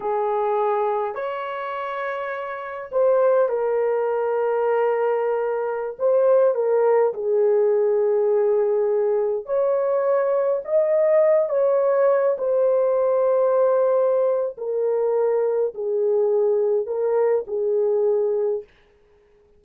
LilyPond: \new Staff \with { instrumentName = "horn" } { \time 4/4 \tempo 4 = 103 gis'2 cis''2~ | cis''4 c''4 ais'2~ | ais'2~ ais'16 c''4 ais'8.~ | ais'16 gis'2.~ gis'8.~ |
gis'16 cis''2 dis''4. cis''16~ | cis''4~ cis''16 c''2~ c''8.~ | c''4 ais'2 gis'4~ | gis'4 ais'4 gis'2 | }